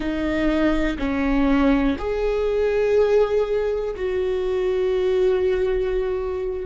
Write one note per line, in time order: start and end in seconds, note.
0.00 0.97 D#4
0.98 1.97 C#4
1.98 3.95 G#4
3.96 6.65 F#4